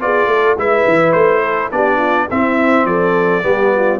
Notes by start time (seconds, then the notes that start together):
0.00 B3 F4 G#4 D5
0.27 A3
0.33 A4
0.57 G#3 E4 B4 E5
0.87 E3
1.12 A3 C5
1.42 A4
1.71 B3 D4 G4 D5
1.97 F4
2.30 C4 E4 E5
2.85 F3 A4 D5
3.42 G3 B3 G4
3.75 F4